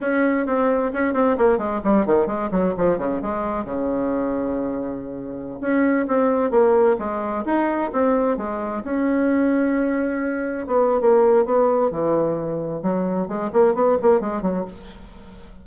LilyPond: \new Staff \with { instrumentName = "bassoon" } { \time 4/4 \tempo 4 = 131 cis'4 c'4 cis'8 c'8 ais8 gis8 | g8 dis8 gis8 fis8 f8 cis8 gis4 | cis1~ | cis16 cis'4 c'4 ais4 gis8.~ |
gis16 dis'4 c'4 gis4 cis'8.~ | cis'2.~ cis'16 b8. | ais4 b4 e2 | fis4 gis8 ais8 b8 ais8 gis8 fis8 | }